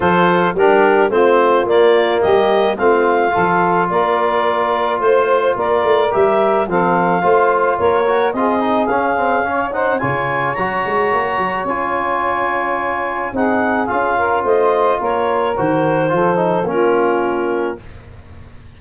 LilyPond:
<<
  \new Staff \with { instrumentName = "clarinet" } { \time 4/4 \tempo 4 = 108 c''4 ais'4 c''4 d''4 | dis''4 f''2 d''4~ | d''4 c''4 d''4 e''4 | f''2 cis''4 dis''4 |
f''4. fis''8 gis''4 ais''4~ | ais''4 gis''2. | fis''4 f''4 dis''4 cis''4 | c''2 ais'2 | }
  \new Staff \with { instrumentName = "saxophone" } { \time 4/4 a'4 g'4 f'2 | g'4 f'4 a'4 ais'4~ | ais'4 c''4 ais'2 | a'4 c''4 ais'4 gis'4~ |
gis'4 cis''8 c''8 cis''2~ | cis''1 | gis'4. ais'8 c''4 ais'4~ | ais'4 a'4 f'2 | }
  \new Staff \with { instrumentName = "trombone" } { \time 4/4 f'4 d'4 c'4 ais4~ | ais4 c'4 f'2~ | f'2. g'4 | c'4 f'4. fis'8 f'8 dis'8 |
cis'8 c'8 cis'8 dis'8 f'4 fis'4~ | fis'4 f'2. | dis'4 f'2. | fis'4 f'8 dis'8 cis'2 | }
  \new Staff \with { instrumentName = "tuba" } { \time 4/4 f4 g4 a4 ais4 | g4 a4 f4 ais4~ | ais4 a4 ais8 a8 g4 | f4 a4 ais4 c'4 |
cis'2 cis4 fis8 gis8 | ais8 fis8 cis'2. | c'4 cis'4 a4 ais4 | dis4 f4 ais2 | }
>>